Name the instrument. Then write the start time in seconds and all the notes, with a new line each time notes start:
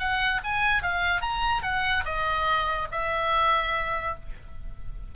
oboe
0.00 F#5
0.44 G#5
0.83 F5
1.22 A#5
1.63 F#5
2.06 D#5
2.92 E5